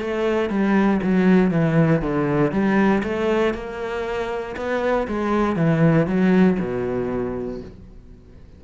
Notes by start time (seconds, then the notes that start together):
0.00 A3
0.49 G3
1.02 F#3
1.51 E3
2.01 D3
2.51 G3
3.03 A3
3.54 A#3
4.56 B3
5.07 G#3
5.56 E3
6.07 F#3
6.59 B2